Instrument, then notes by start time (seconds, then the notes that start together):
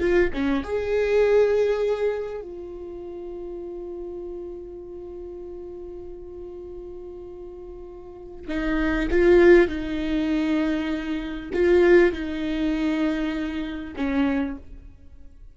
viola
0.00 F4
0.33 C#4
0.63 G#4
2.41 F4
8.48 D#4
9.11 F4
9.68 D#4
11.53 F4
12.13 D#4
13.96 C#4